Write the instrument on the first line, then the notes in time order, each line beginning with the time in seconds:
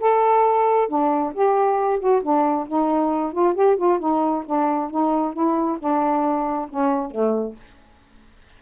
saxophone
0.00 A4
0.88 D4
1.34 G4
2.00 F#4
2.22 D4
2.68 D#4
3.32 F4
3.54 G4
3.77 F4
3.99 D#4
4.46 D4
4.90 D#4
5.33 E4
5.79 D4
6.69 C#4
7.11 A3